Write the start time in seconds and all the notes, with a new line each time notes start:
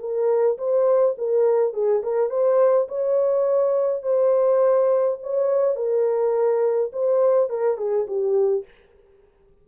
0.00 A#4
0.58 C5
1.18 A#4
1.74 G#4
2.03 A#4
2.30 C5
2.88 C#5
4.03 C5
5.23 C#5
5.76 A#4
6.93 C5
7.50 A#4
7.78 G#4
8.07 G4